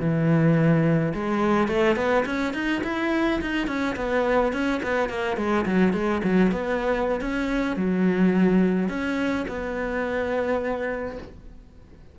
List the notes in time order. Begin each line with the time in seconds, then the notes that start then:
0.00 E3
1.14 G#3
1.68 A3
1.96 B3
2.25 C#4
2.54 D#4
2.84 E4
3.41 D#4
3.67 C#4
3.96 B3
4.53 C#4
4.83 B3
5.09 A#3
5.37 G#3
5.66 F#3
5.93 G#3
6.24 F#3
6.51 B3
7.21 C#4
7.76 F#3
8.89 C#4
9.48 B3